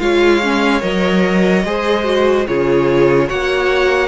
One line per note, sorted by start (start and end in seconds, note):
0.00 0.82 G#3
0.00 0.42 F4
0.00 1.67 C#5
0.00 0.82 F5
0.43 0.82 C#4
0.82 1.65 F#3
0.82 1.64 A#4
0.82 2.47 D#5
1.65 2.47 G#3
1.65 2.05 G#4
1.65 2.49 C5
2.05 2.46 F#4
2.47 3.31 C#3
2.47 3.29 F4
2.47 3.28 G#4
2.47 3.29 C#5
3.28 4.09 A#3
3.28 4.09 F#4
3.28 4.09 C#5
3.28 4.09 F#5